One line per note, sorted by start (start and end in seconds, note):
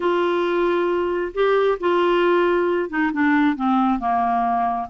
0.00 1.32 F4
1.34 1.78 G4
1.80 2.89 F4
2.89 3.11 D#4
3.13 3.56 D4
3.56 3.99 C4
3.99 4.88 A#3